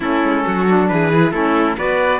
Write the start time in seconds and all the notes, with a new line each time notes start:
0.00 A3 C#4 E4 A4
0.23 G#3
0.45 F#3 F#4
0.67 D4
0.88 E3 G#4 B4
1.12 E4
1.31 A3 C#4 E4 A4
1.77 B3 F#4 B4 D5